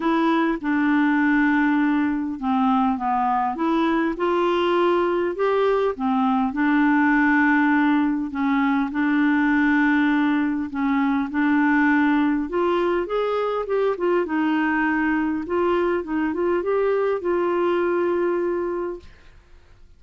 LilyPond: \new Staff \with { instrumentName = "clarinet" } { \time 4/4 \tempo 4 = 101 e'4 d'2. | c'4 b4 e'4 f'4~ | f'4 g'4 c'4 d'4~ | d'2 cis'4 d'4~ |
d'2 cis'4 d'4~ | d'4 f'4 gis'4 g'8 f'8 | dis'2 f'4 dis'8 f'8 | g'4 f'2. | }